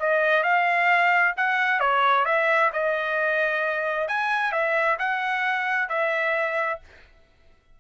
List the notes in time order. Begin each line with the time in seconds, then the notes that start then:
0.00 D#5
0.44 F5
1.37 F#5
1.80 C#5
2.25 E5
2.73 D#5
4.08 G#5
4.52 E5
4.99 F#5
5.89 E5